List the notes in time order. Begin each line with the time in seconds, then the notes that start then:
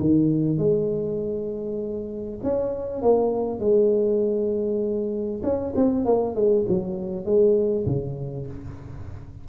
0.00 D#3
0.58 G#3
2.44 C#4
3.02 A#3
3.60 G#3
5.43 C#4
5.75 C4
6.05 A#3
6.35 G#3
6.69 F#3
7.25 G#3
7.86 C#3